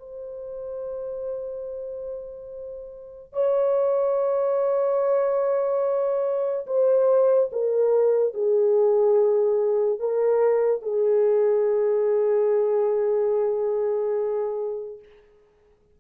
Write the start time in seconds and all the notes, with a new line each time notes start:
0.00 C5
3.33 C#5
6.67 C5
7.53 A#4
8.34 G#4
10.00 A#4
10.83 G#4